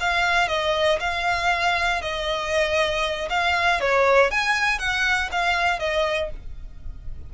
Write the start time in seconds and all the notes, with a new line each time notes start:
0.00 F5
0.48 D#5
1.00 F5
2.02 D#5
3.30 F5
3.80 C#5
4.31 G#5
4.79 F#5
5.32 F5
5.79 D#5